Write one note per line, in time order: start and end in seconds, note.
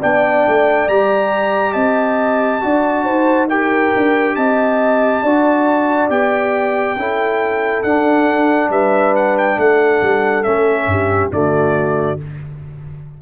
0.00 0.46 B3
0.00 0.89 D4
0.00 1.73 D5
0.00 0.88 G5
0.47 0.88 A3
0.88 1.74 G3
0.88 2.61 G4
0.88 1.73 A#5
1.73 2.61 C4
1.73 2.60 D#5
1.73 3.47 A5
2.61 3.05 D4
2.61 3.47 F#4
2.61 3.04 D5
3.04 3.92 D#4
3.04 3.48 C5
3.48 5.24 G4
3.48 4.35 A#4
3.48 4.35 G5
3.96 4.36 D4
4.35 5.22 C4
4.35 5.23 D#5
4.35 6.09 A5
5.22 6.09 D4
5.22 6.09 F#4
5.22 6.97 D5
6.09 6.96 B3
6.09 6.96 G4
6.09 7.83 G5
6.96 7.83 C#4
6.96 7.85 E4
6.96 8.70 A4
7.83 8.69 D4
7.83 10.44 D4
7.83 8.70 F#5
8.69 9.56 G3
8.69 9.57 B4
8.69 9.15 E5
9.16 9.37 F#5
9.38 9.60 G5
9.57 10.01 A3
9.57 10.90 A4
9.57 10.43 F#5
10.02 10.45 G3
10.43 10.86 A3
10.43 11.31 C#4
10.43 11.30 E5
10.86 11.30 G2
10.86 11.34 G4
11.31 12.19 D3
11.31 12.18 A3
11.31 12.21 F#4
11.31 12.19 D5